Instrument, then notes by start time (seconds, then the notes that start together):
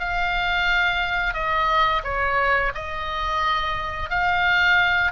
oboe
0.00 F5
1.34 D#5
2.04 C#5
2.75 D#5
4.10 F5